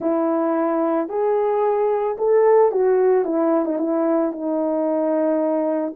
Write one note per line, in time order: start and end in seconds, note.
0.00 1.08 E4
1.08 2.16 G#4
2.18 2.71 A4
2.71 3.24 F#4
3.24 3.65 E4
3.65 3.78 D#4
3.78 4.31 E4
4.31 5.94 D#4